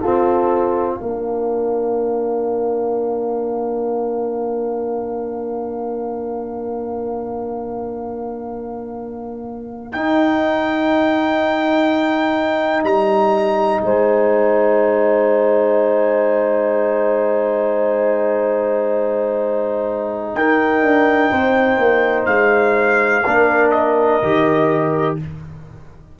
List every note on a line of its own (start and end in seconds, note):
0.00 1.00 C4
0.00 0.99 F4
0.00 0.95 A4
0.00 9.92 F5
0.95 9.94 A#3
0.95 9.93 D4
0.95 13.77 A#4
9.92 23.23 D#4
9.92 12.83 D#4
9.92 12.82 G5
12.83 13.80 G3
12.83 13.80 A#5
13.80 20.33 G#3
13.80 20.36 C5
13.80 20.33 G#5
20.33 20.82 D#4
20.33 21.31 A#4
20.33 22.25 G5
20.82 21.30 D4
21.31 21.77 C4
21.31 23.25 C5
21.77 22.25 A#3
22.25 23.23 G#3
22.25 23.70 F5
23.25 24.21 A#3
23.25 24.22 D4
23.25 25.19 A#4
23.71 25.16 D#5
24.22 25.18 D#3
24.22 25.19 G4